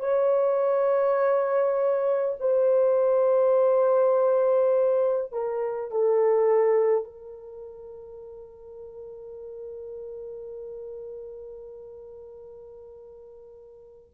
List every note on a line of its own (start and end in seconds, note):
0.00 2.35 C#5
2.40 5.32 C5
5.32 5.91 A#4
5.91 7.04 A4
7.04 14.10 A#4